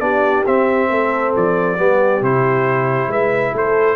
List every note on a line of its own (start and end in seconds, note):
0.00 0.44 B3
0.00 0.44 D4
0.00 0.89 G4
0.00 0.44 D5
0.46 1.78 C4
0.46 0.90 C4
0.46 1.35 E5
0.89 1.34 A3
0.89 1.77 A4
1.36 1.79 F3
1.36 2.24 D5
1.77 2.22 G3
1.77 2.22 B3
1.77 3.09 G4
2.22 3.08 C3
2.22 3.96 E4
2.22 3.12 C5
3.08 3.52 G#3
3.08 3.53 B4
3.08 3.56 E5
3.54 3.96 A3
3.54 3.96 A4
3.54 3.96 C5